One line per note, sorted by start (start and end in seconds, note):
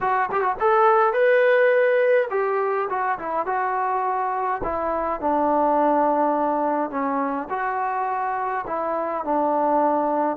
0.00 0.29 F#4
0.31 0.41 G4
0.41 0.55 F#4
0.60 1.12 A4
1.12 2.28 B4
2.30 2.88 G4
2.89 3.18 F#4
3.18 3.46 E4
3.46 4.61 F#4
4.63 5.20 E4
5.20 6.90 D4
6.90 7.48 C#4
7.49 8.65 F#4
8.67 9.24 E4
9.24 10.36 D4